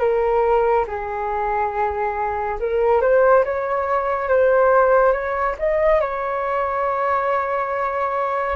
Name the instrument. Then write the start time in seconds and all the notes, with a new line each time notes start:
flute
0.00 A#4
0.88 G#4
2.60 A#4
3.02 C5
3.45 C#5
4.29 C5
5.13 C#5
5.59 D#5
6.01 C#5